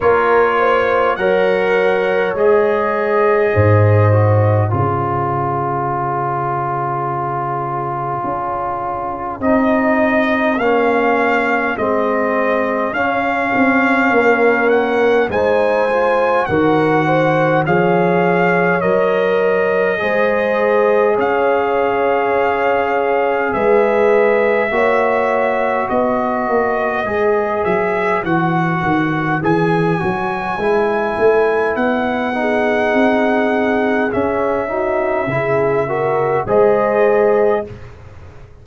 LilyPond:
<<
  \new Staff \with { instrumentName = "trumpet" } { \time 4/4 \tempo 4 = 51 cis''4 fis''4 dis''2 | cis''1 | dis''4 f''4 dis''4 f''4~ | f''8 fis''8 gis''4 fis''4 f''4 |
dis''2 f''2 | e''2 dis''4. e''8 | fis''4 gis''2 fis''4~ | fis''4 e''2 dis''4 | }
  \new Staff \with { instrumentName = "horn" } { \time 4/4 ais'8 c''8 cis''2 c''4 | gis'1~ | gis'1 | ais'4 c''4 ais'8 c''8 cis''4~ |
cis''4 c''4 cis''2 | b'4 cis''4 b'2~ | b'2.~ b'8 gis'8~ | gis'4. fis'8 gis'8 ais'8 c''4 | }
  \new Staff \with { instrumentName = "trombone" } { \time 4/4 f'4 ais'4 gis'4. fis'8 | f'1 | dis'4 cis'4 c'4 cis'4~ | cis'4 dis'8 f'8 fis'4 gis'4 |
ais'4 gis'2.~ | gis'4 fis'2 gis'4 | fis'4 gis'8 fis'8 e'4. dis'8~ | dis'4 cis'8 dis'8 e'8 fis'8 gis'4 | }
  \new Staff \with { instrumentName = "tuba" } { \time 4/4 ais4 fis4 gis4 gis,4 | cis2. cis'4 | c'4 ais4 gis4 cis'8 c'8 | ais4 gis4 dis4 f4 |
fis4 gis4 cis'2 | gis4 ais4 b8 ais8 gis8 fis8 | e8 dis8 e8 fis8 gis8 a8 b4 | c'4 cis'4 cis4 gis4 | }
>>